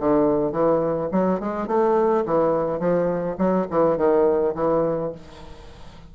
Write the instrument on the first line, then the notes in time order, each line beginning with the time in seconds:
bassoon
0.00 D3
0.53 E3
1.12 F#3
1.40 G#3
1.68 A3
2.26 E3
2.80 F3
3.38 F#3
3.71 E3
3.98 D#3
4.55 E3